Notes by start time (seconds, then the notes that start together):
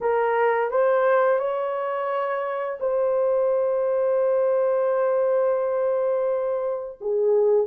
0.00 A#4
0.70 C5
1.39 C#5
2.80 C5
7.01 G#4